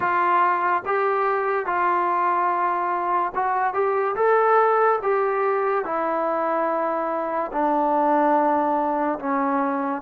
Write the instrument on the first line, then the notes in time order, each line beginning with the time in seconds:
trombone
0.00 F4
0.85 G4
1.66 F4
3.34 F#4
3.73 G4
4.15 A4
5.02 G4
5.84 E4
7.52 D4
9.19 C#4